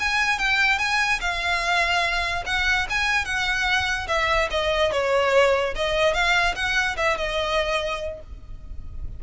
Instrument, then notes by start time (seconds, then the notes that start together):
violin
0.00 G#5
0.39 G5
0.79 G#5
1.21 F5
2.46 F#5
2.90 G#5
3.25 F#5
4.08 E5
4.51 D#5
4.92 C#5
5.76 D#5
6.14 F5
6.55 F#5
6.97 E5
7.18 D#5